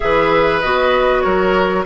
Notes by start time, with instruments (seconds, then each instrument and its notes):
0.00 bassoon E3, clarinet G#4, oboe B4, flute E5
0.60 bassoon B3, clarinet F#4, flute D#5
1.20 bassoon F#3, oboe A#4, flute C#5